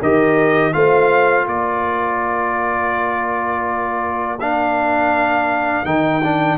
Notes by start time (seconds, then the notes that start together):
0.00 D#3 G4 A#4 D#5
0.73 A3 F4 C5 F5
1.47 A#3 A#4 D5
4.40 D4 F5
5.85 D#3 D#4 G5
6.24 D4